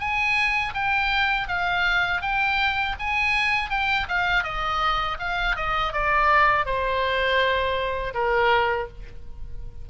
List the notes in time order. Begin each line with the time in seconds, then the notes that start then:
0.00 G#5
0.74 G5
1.48 F5
2.22 G5
2.99 G#5
3.70 G5
4.08 F5
4.44 D#5
5.19 F5
5.56 D#5
5.93 D5
6.66 C5
8.14 A#4